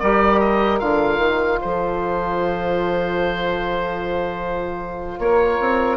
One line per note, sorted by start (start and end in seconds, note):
0.00 0.81 G3
0.00 0.80 G4
0.00 1.60 A#4
0.00 0.40 D5
0.40 0.80 D#5
0.80 1.18 D3
0.80 5.98 F4
0.80 1.60 F5
1.18 1.58 D#3
1.60 5.19 F3
1.60 5.20 A4
1.60 5.20 C5
5.19 5.59 A#3
5.19 5.98 A#4
5.19 5.98 C#5
5.60 5.98 C4